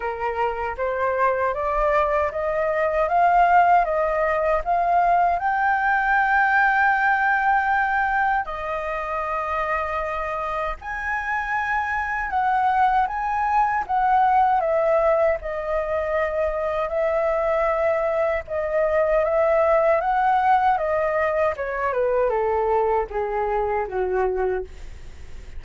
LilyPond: \new Staff \with { instrumentName = "flute" } { \time 4/4 \tempo 4 = 78 ais'4 c''4 d''4 dis''4 | f''4 dis''4 f''4 g''4~ | g''2. dis''4~ | dis''2 gis''2 |
fis''4 gis''4 fis''4 e''4 | dis''2 e''2 | dis''4 e''4 fis''4 dis''4 | cis''8 b'8 a'4 gis'4 fis'4 | }